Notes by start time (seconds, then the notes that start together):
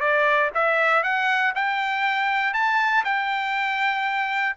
0.00 D5
0.55 E5
1.03 F#5
1.55 G5
2.53 A5
3.05 G5